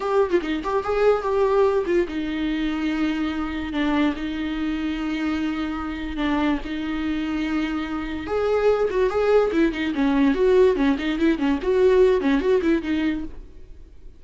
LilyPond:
\new Staff \with { instrumentName = "viola" } { \time 4/4 \tempo 4 = 145 g'8. f'16 dis'8 g'8 gis'4 g'4~ | g'8 f'8 dis'2.~ | dis'4 d'4 dis'2~ | dis'2. d'4 |
dis'1 | gis'4. fis'8 gis'4 e'8 dis'8 | cis'4 fis'4 cis'8 dis'8 e'8 cis'8 | fis'4. cis'8 fis'8 e'8 dis'4 | }